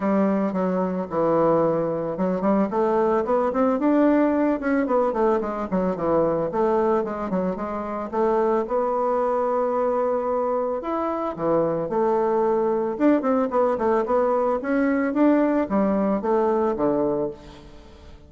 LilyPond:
\new Staff \with { instrumentName = "bassoon" } { \time 4/4 \tempo 4 = 111 g4 fis4 e2 | fis8 g8 a4 b8 c'8 d'4~ | d'8 cis'8 b8 a8 gis8 fis8 e4 | a4 gis8 fis8 gis4 a4 |
b1 | e'4 e4 a2 | d'8 c'8 b8 a8 b4 cis'4 | d'4 g4 a4 d4 | }